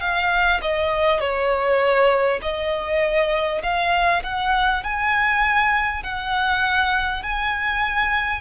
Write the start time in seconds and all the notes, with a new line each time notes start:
0.00 F5
0.61 D#5
1.20 C#5
2.42 D#5
3.63 F5
4.23 F#5
4.83 G#5
6.03 F#5
7.22 G#5